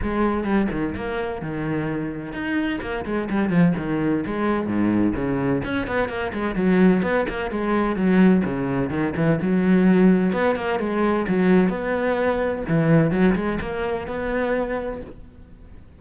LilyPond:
\new Staff \with { instrumentName = "cello" } { \time 4/4 \tempo 4 = 128 gis4 g8 dis8 ais4 dis4~ | dis4 dis'4 ais8 gis8 g8 f8 | dis4 gis4 gis,4 cis4 | cis'8 b8 ais8 gis8 fis4 b8 ais8 |
gis4 fis4 cis4 dis8 e8 | fis2 b8 ais8 gis4 | fis4 b2 e4 | fis8 gis8 ais4 b2 | }